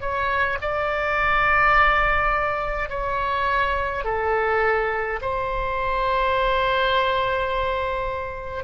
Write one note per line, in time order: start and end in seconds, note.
0.00 0.58 C#5
0.61 2.89 D5
2.89 4.04 C#5
4.04 5.19 A4
5.21 8.64 C5